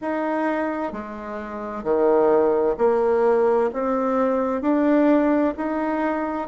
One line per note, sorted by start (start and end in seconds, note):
0.01 0.92 D#4
0.92 1.83 G#3
1.83 2.75 D#3
2.78 3.70 A#3
3.73 4.62 C4
4.62 5.54 D4
5.56 6.48 D#4